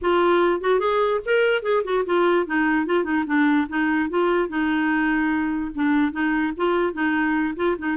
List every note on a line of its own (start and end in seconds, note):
0.01 0.60 F4
0.60 0.79 F#4
0.79 1.20 G#4
1.25 1.62 A#4
1.62 1.82 G#4
1.84 2.04 F#4
2.05 2.46 F4
2.46 2.86 D#4
2.86 3.04 F4
3.04 3.24 D#4
3.26 3.67 D4
3.68 4.09 D#4
4.09 4.48 F4
4.48 5.71 D#4
5.74 6.12 D4
6.12 6.53 D#4
6.56 6.93 F4
6.93 7.54 D#4
7.56 7.76 F4
7.78 7.97 D#4